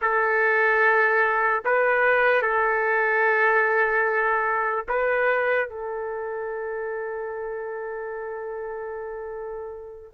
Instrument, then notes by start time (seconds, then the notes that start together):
trumpet
0.01 A4
1.64 B4
2.41 A4
4.88 B4
5.69 A4